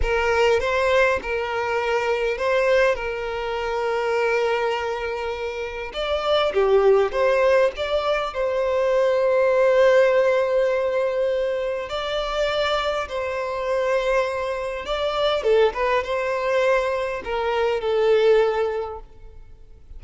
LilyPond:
\new Staff \with { instrumentName = "violin" } { \time 4/4 \tempo 4 = 101 ais'4 c''4 ais'2 | c''4 ais'2.~ | ais'2 d''4 g'4 | c''4 d''4 c''2~ |
c''1 | d''2 c''2~ | c''4 d''4 a'8 b'8 c''4~ | c''4 ais'4 a'2 | }